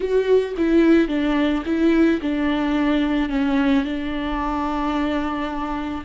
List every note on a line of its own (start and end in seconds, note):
0.00 0.55 F#4
0.57 1.08 E4
1.08 1.63 D4
1.65 2.20 E4
2.21 3.29 D4
3.29 3.84 C#4
3.84 6.04 D4